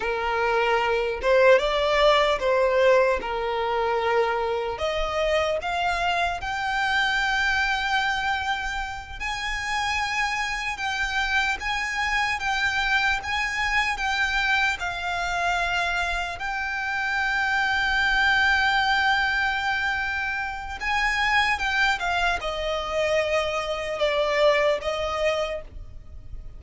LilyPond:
\new Staff \with { instrumentName = "violin" } { \time 4/4 \tempo 4 = 75 ais'4. c''8 d''4 c''4 | ais'2 dis''4 f''4 | g''2.~ g''8 gis''8~ | gis''4. g''4 gis''4 g''8~ |
g''8 gis''4 g''4 f''4.~ | f''8 g''2.~ g''8~ | g''2 gis''4 g''8 f''8 | dis''2 d''4 dis''4 | }